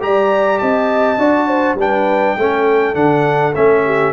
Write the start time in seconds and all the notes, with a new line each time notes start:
0.00 G3 G4 D5 A#5
0.58 C4 D#5 A5
1.18 D4 F#4 D5
1.48 C5
1.75 G3 D4 B4 G5
2.37 A3 C#4 A4
2.94 D3 D4 F#5
3.55 A3 C#4 E5
3.85 G4